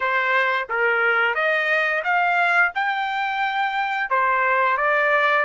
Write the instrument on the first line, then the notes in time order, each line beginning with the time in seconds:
trumpet
0.00 C5
0.69 A#4
1.35 D#5
2.04 F5
2.75 G5
4.09 C5
4.77 D5